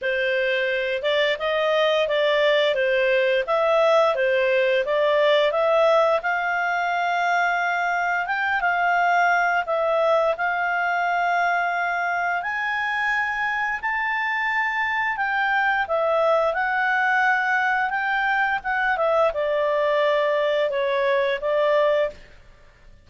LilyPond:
\new Staff \with { instrumentName = "clarinet" } { \time 4/4 \tempo 4 = 87 c''4. d''8 dis''4 d''4 | c''4 e''4 c''4 d''4 | e''4 f''2. | g''8 f''4. e''4 f''4~ |
f''2 gis''2 | a''2 g''4 e''4 | fis''2 g''4 fis''8 e''8 | d''2 cis''4 d''4 | }